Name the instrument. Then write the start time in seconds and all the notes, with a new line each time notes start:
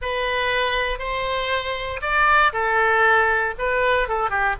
oboe
0.01 B4
0.98 C5
2.01 D5
2.52 A4
3.58 B4
4.08 A4
4.30 G4